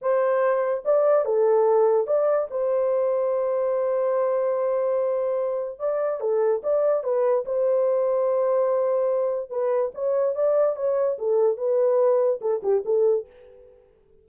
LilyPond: \new Staff \with { instrumentName = "horn" } { \time 4/4 \tempo 4 = 145 c''2 d''4 a'4~ | a'4 d''4 c''2~ | c''1~ | c''2 d''4 a'4 |
d''4 b'4 c''2~ | c''2. b'4 | cis''4 d''4 cis''4 a'4 | b'2 a'8 g'8 a'4 | }